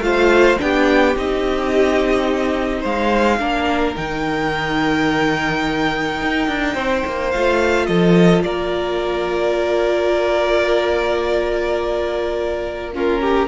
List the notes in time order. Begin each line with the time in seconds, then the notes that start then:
0.00 A3 F4 C5 F5
0.57 B3 D4 G4 G5
1.15 C4 D#4 D#5
2.80 G#3 C5 F5
3.39 A#3 D4 A#4
3.95 D#3 D#4 G5
6.21 D#4
6.48 D4
6.74 C4 C5
7.06 A#3
7.31 A3 F4 F5
7.86 F3 A4 D#5
8.43 A#3 A#4 D5
12.93 C#4 F4 A#4
13.21 G4